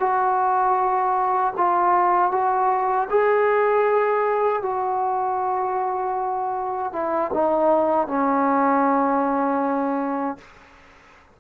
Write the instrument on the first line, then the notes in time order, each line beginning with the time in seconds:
trombone
0.00 F#4
1.57 F4
2.31 F#4
3.10 G#4
4.62 F#4
6.93 E4
7.34 D#4
8.07 C#4